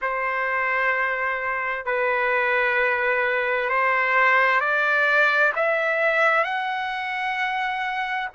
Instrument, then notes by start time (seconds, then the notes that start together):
trumpet
0.01 C5
1.85 B4
3.69 C5
4.60 D5
5.56 E5
6.44 F#5